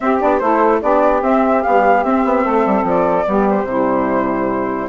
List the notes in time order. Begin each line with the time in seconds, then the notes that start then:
0.00 C4 G4 E5
0.19 B3 D4 D5
0.39 A3 E4 A4 C5
0.81 B3 D4 G4 D5
1.22 C4 E5
1.62 G3 B3 F5
2.03 C4 E5
2.24 B3
2.44 A3 A4
2.65 G3
2.82 F3 D5
3.24 G3 B3 G4
3.49 C5
3.64 C3 G3 E4